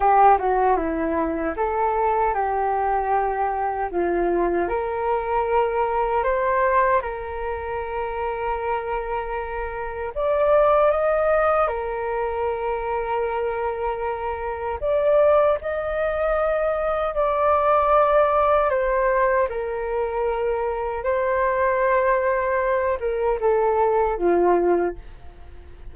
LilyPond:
\new Staff \with { instrumentName = "flute" } { \time 4/4 \tempo 4 = 77 g'8 fis'8 e'4 a'4 g'4~ | g'4 f'4 ais'2 | c''4 ais'2.~ | ais'4 d''4 dis''4 ais'4~ |
ais'2. d''4 | dis''2 d''2 | c''4 ais'2 c''4~ | c''4. ais'8 a'4 f'4 | }